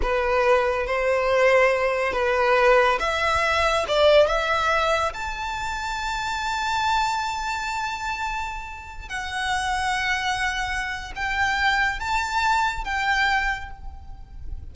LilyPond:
\new Staff \with { instrumentName = "violin" } { \time 4/4 \tempo 4 = 140 b'2 c''2~ | c''4 b'2 e''4~ | e''4 d''4 e''2 | a''1~ |
a''1~ | a''4~ a''16 fis''2~ fis''8.~ | fis''2 g''2 | a''2 g''2 | }